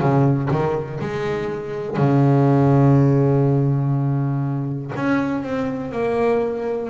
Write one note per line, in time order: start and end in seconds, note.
0.00 0.49 C#3
0.51 1.00 D#3
1.01 1.97 G#3
1.97 4.92 C#3
4.95 5.43 C#4
5.43 5.92 C4
5.92 6.89 A#3